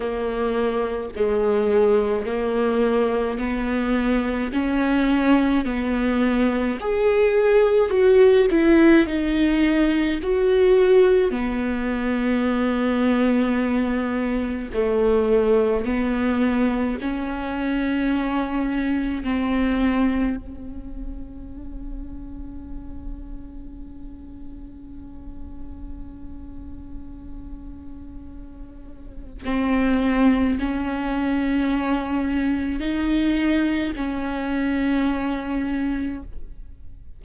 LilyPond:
\new Staff \with { instrumentName = "viola" } { \time 4/4 \tempo 4 = 53 ais4 gis4 ais4 b4 | cis'4 b4 gis'4 fis'8 e'8 | dis'4 fis'4 b2~ | b4 a4 b4 cis'4~ |
cis'4 c'4 cis'2~ | cis'1~ | cis'2 c'4 cis'4~ | cis'4 dis'4 cis'2 | }